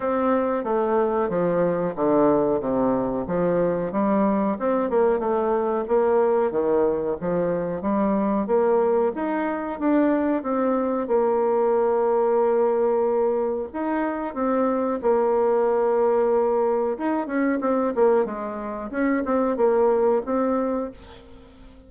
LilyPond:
\new Staff \with { instrumentName = "bassoon" } { \time 4/4 \tempo 4 = 92 c'4 a4 f4 d4 | c4 f4 g4 c'8 ais8 | a4 ais4 dis4 f4 | g4 ais4 dis'4 d'4 |
c'4 ais2.~ | ais4 dis'4 c'4 ais4~ | ais2 dis'8 cis'8 c'8 ais8 | gis4 cis'8 c'8 ais4 c'4 | }